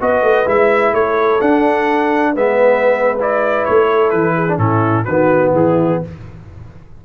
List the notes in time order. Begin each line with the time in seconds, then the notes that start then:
0.00 B3 F#4 B4 D#5
0.22 A3
0.46 G#3 E4 E5
0.93 A3 A4 C#5
1.41 D4 F#5
2.32 G#3 B3 B4 E5
3.19 E4 D5
3.65 A3 C#5
3.88 A4
4.10 E3 B4
4.35 G#4
4.48 D4
4.57 A2 C#4 E4 A4
5.04 D#3 F#4 B4
5.10 B3
5.53 E3 E4 G#4